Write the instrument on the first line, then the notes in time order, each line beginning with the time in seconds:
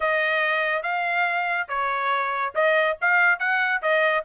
trumpet
0.00 D#5
0.82 F5
1.68 C#5
2.55 D#5
3.01 F5
3.39 F#5
3.82 D#5